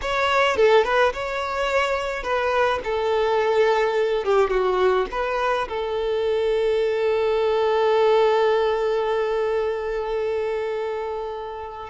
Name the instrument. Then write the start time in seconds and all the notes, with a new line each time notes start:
violin
0.01 C#5
0.56 A4
0.84 B4
1.13 C#5
2.23 B4
2.84 A4
4.24 G4
4.49 F#4
5.11 B4
5.68 A4